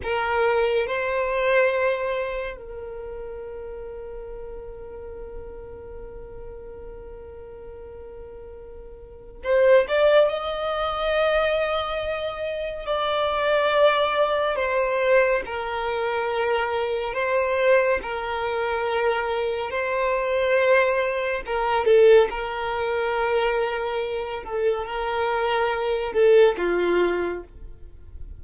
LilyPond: \new Staff \with { instrumentName = "violin" } { \time 4/4 \tempo 4 = 70 ais'4 c''2 ais'4~ | ais'1~ | ais'2. c''8 d''8 | dis''2. d''4~ |
d''4 c''4 ais'2 | c''4 ais'2 c''4~ | c''4 ais'8 a'8 ais'2~ | ais'8 a'8 ais'4. a'8 f'4 | }